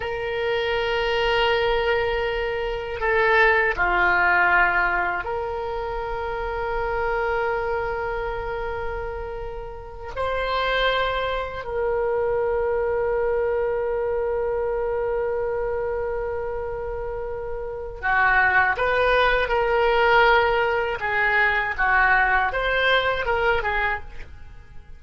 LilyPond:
\new Staff \with { instrumentName = "oboe" } { \time 4/4 \tempo 4 = 80 ais'1 | a'4 f'2 ais'4~ | ais'1~ | ais'4. c''2 ais'8~ |
ais'1~ | ais'1 | fis'4 b'4 ais'2 | gis'4 fis'4 c''4 ais'8 gis'8 | }